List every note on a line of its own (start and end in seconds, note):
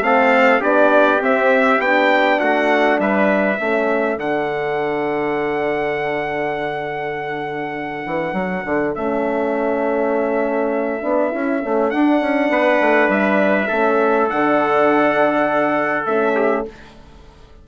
0.00 0.59 A3
0.00 0.60 C4
0.00 0.60 A4
0.00 0.62 F5
0.60 1.21 B3
0.60 1.20 D4
0.60 2.38 G4
0.60 1.22 D5
1.21 1.79 C4
1.21 1.81 C4
1.21 1.81 E5
1.79 2.38 B3
1.79 3.59 D4
1.79 2.39 G5
2.39 2.99 A3
2.39 2.99 F#4
2.39 2.99 F#5
2.99 3.58 G3
2.99 3.61 B4
2.99 4.19 E5
3.60 4.17 A3
3.60 4.19 C#4
3.60 12.51 A4
4.17 8.03 D3
4.17 8.94 D4
4.17 8.94 F#5
8.06 8.33 E3
8.33 8.63 F#3
8.65 8.95 D3
8.94 11.03 A3
8.94 11.01 C#4
8.94 11.90 E5
11.01 11.32 B3
11.01 11.30 D4
11.30 11.62 C#4
11.30 11.60 E4
11.62 11.93 A3
11.62 11.91 C#4
11.90 13.69 D4
11.90 12.20 D4
11.90 13.09 F#5
12.20 12.49 C#4
12.49 12.79 B3
12.49 13.67 B4
12.81 13.08 A3
13.08 13.68 G3
13.08 14.29 E5
13.67 14.30 A3
13.67 14.28 C#4
13.67 16.35 A4
14.28 16.05 D3
14.28 16.06 D4
14.28 16.06 F#5
16.05 16.64 A3
16.05 16.67 C#4
16.05 16.65 E5
16.35 16.65 G4